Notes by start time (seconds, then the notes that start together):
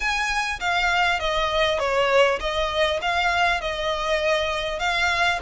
0.00 G#5
0.60 F5
1.19 D#5
1.79 C#5
2.40 D#5
3.01 F5
3.60 D#5
4.79 F5